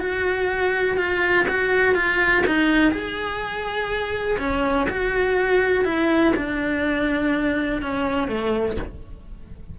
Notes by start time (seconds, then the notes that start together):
0.00 F#4
0.97 F4
1.48 F#4
1.95 F4
2.47 D#4
2.92 G#4
4.39 C#4
4.90 F#4
5.85 E4
6.36 D4
7.82 C#4
8.28 A3